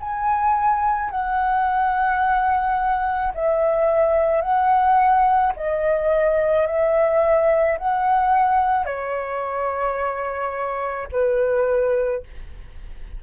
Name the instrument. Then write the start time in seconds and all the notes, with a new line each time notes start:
flute
0.00 G#5
1.11 F#5
3.34 E5
4.41 F#5
5.56 D#5
6.67 E5
7.78 F#5
8.85 C#5
11.12 B4